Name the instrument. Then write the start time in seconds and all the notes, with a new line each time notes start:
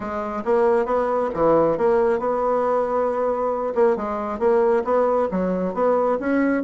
bassoon
0.00 G#3
0.45 A#3
0.85 B3
1.34 E3
1.77 A#3
2.19 B3
3.74 A#3
3.96 G#3
4.39 A#3
4.84 B3
5.31 F#3
5.74 B3
6.19 C#4